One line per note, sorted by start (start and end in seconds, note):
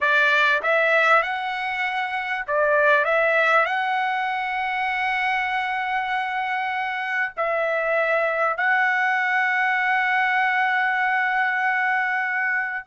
0.01 0.62 D5
0.62 1.22 E5
1.22 2.45 F#5
2.47 3.04 D5
3.04 3.65 E5
3.65 7.32 F#5
7.36 8.57 E5
8.57 12.85 F#5